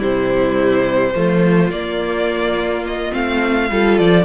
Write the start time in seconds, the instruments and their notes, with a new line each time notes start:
0.00 cello C3, viola G3, violin E4 C5
1.15 cello F3, viola A3, violin F4
1.71 cello A#3, viola A#3, violin D5
2.87 violin D#5
3.12 cello A3, viola C4, violin F5
3.71 cello G3, viola F4, violin A4
3.98 cello F3, violin D5